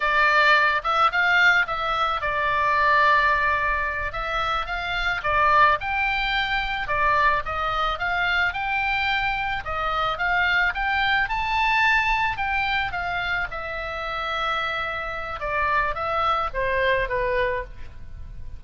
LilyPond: \new Staff \with { instrumentName = "oboe" } { \time 4/4 \tempo 4 = 109 d''4. e''8 f''4 e''4 | d''2.~ d''8 e''8~ | e''8 f''4 d''4 g''4.~ | g''8 d''4 dis''4 f''4 g''8~ |
g''4. dis''4 f''4 g''8~ | g''8 a''2 g''4 f''8~ | f''8 e''2.~ e''8 | d''4 e''4 c''4 b'4 | }